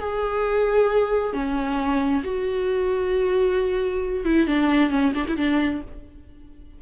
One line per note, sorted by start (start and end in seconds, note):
0.00 1.34 G#4
1.34 2.23 C#4
2.24 4.25 F#4
4.25 4.47 E4
4.48 4.91 D4
4.91 5.13 C#4
5.15 5.26 D4
5.28 5.37 E4
5.37 5.82 D4